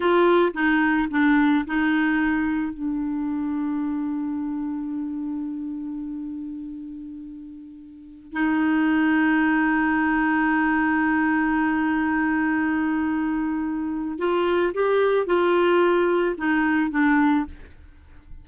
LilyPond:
\new Staff \with { instrumentName = "clarinet" } { \time 4/4 \tempo 4 = 110 f'4 dis'4 d'4 dis'4~ | dis'4 d'2.~ | d'1~ | d'2.~ d'16 dis'8.~ |
dis'1~ | dis'1~ | dis'2 f'4 g'4 | f'2 dis'4 d'4 | }